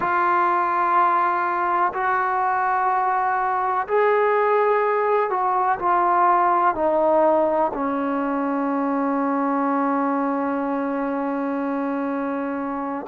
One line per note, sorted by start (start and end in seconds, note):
0.00 1.93 F4
1.94 3.87 F#4
3.87 5.30 G#4
5.30 5.78 F#4
5.78 6.75 F4
6.75 7.72 D#4
7.73 13.06 C#4